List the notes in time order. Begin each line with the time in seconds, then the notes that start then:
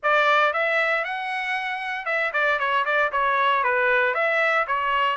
0.02 D5
0.53 E5
1.04 F#5
2.05 E5
2.33 D5
2.59 C#5
2.85 D5
3.12 C#5
3.63 B4
4.14 E5
4.67 C#5